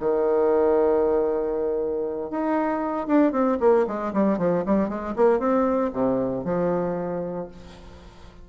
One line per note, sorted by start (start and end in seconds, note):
0.00 2.30 D#3
2.30 3.07 D#4
3.07 3.32 D4
3.32 3.58 C4
3.60 3.86 A#3
3.87 4.13 G#3
4.13 4.38 G3
4.38 4.64 F3
4.65 4.89 G3
4.89 5.14 G#3
5.16 5.39 A#3
5.39 5.91 C4
5.93 6.44 C3
6.44 7.48 F3